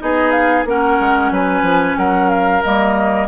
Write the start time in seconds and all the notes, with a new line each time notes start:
0.00 B3 D#4 G#4 D#5
0.31 F5
0.65 A#3 C#4 A#4 F#5
1.00 G#3
1.32 F#3 B4 G#5
1.62 F3
1.97 F#3 A#4 F#5
2.30 F5
2.63 G3 A#3 D#5